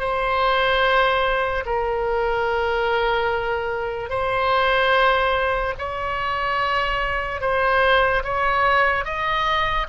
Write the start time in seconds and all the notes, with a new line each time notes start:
0.00 C5
1.66 A#4
4.10 C5
5.79 C#5
7.41 C5
8.24 C#5
9.05 D#5